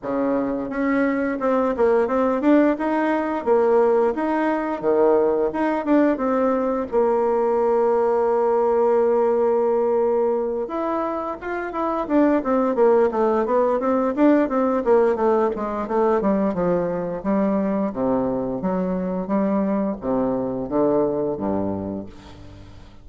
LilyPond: \new Staff \with { instrumentName = "bassoon" } { \time 4/4 \tempo 4 = 87 cis4 cis'4 c'8 ais8 c'8 d'8 | dis'4 ais4 dis'4 dis4 | dis'8 d'8 c'4 ais2~ | ais2.~ ais8 e'8~ |
e'8 f'8 e'8 d'8 c'8 ais8 a8 b8 | c'8 d'8 c'8 ais8 a8 gis8 a8 g8 | f4 g4 c4 fis4 | g4 c4 d4 g,4 | }